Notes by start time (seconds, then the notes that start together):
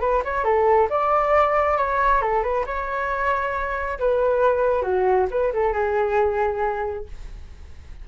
0.00 B4
0.24 C#5
0.44 A4
0.90 D5
1.77 C#5
2.21 A4
2.42 B4
2.66 C#5
3.99 B4
4.82 F#4
5.30 B4
5.53 A4
5.73 G#4